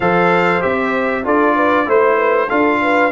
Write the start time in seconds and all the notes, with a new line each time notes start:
0.00 F3 A4 C5 F5
0.61 C4 G4 E5
1.24 D4 F4 A4 D5
1.55 B4
1.86 A3 E4 C5
2.16 B4
2.48 D4 F4 A4 F5
2.81 B4